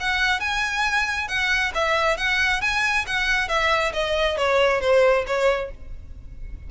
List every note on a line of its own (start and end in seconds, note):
0.00 0.40 F#5
0.40 1.28 G#5
1.28 1.72 F#5
1.74 2.17 E5
2.17 2.61 F#5
2.61 3.05 G#5
3.07 3.48 F#5
3.48 3.92 E5
3.93 4.37 D#5
4.37 4.81 C#5
4.81 5.25 C5
5.27 5.71 C#5